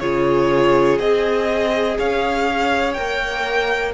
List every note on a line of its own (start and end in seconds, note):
0.00 1.00 C#3
0.00 0.99 F4
0.00 1.97 G#4
0.00 0.98 C#5
0.99 1.98 C4
0.99 2.96 G#4
0.99 1.98 D#5
1.98 2.97 C#4
1.98 3.94 C#5
1.98 2.94 F5
2.94 3.94 A#3
2.94 3.94 A#4
2.94 3.92 G5